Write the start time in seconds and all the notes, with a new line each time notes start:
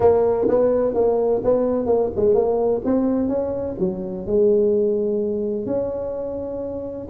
0.00 A#3
0.47 B3
0.94 A#3
1.44 B3
1.86 A#3
2.15 G#3
2.34 A#3
2.84 C4
3.28 C#4
3.79 F#3
4.26 G#3
5.65 C#4